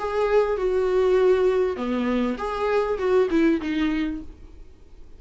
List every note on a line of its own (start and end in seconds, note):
0.00 0.58 G#4
0.58 1.77 F#4
1.77 2.37 B3
2.39 2.99 G#4
2.99 3.29 F#4
3.31 3.61 E4
3.62 4.22 D#4